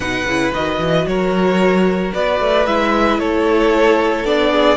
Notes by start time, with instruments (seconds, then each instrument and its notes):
0.00 cello B2, viola D#4, violin B4 F#5
0.25 cello C#3, viola E4
0.53 cello D#3, viola F#4, violin D#5
0.79 cello E3
1.06 cello F#3, violin A#4 C#5
2.13 cello B3, violin B4 D5
2.40 cello A3
2.66 cello G#3, viola E4, violin E5
3.18 cello A3, violin A4 C#5
4.24 cello B3, viola D4, violin D5
4.51 violin G#4